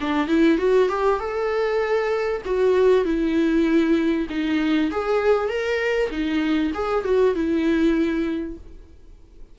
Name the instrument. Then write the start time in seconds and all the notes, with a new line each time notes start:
viola
0.00 D4
0.27 E4
0.58 F#4
0.88 G4
1.19 A4
2.45 F#4
3.04 E4
4.29 D#4
4.91 G#4
5.49 A#4
6.10 D#4
6.73 G#4
7.04 F#4
7.34 E4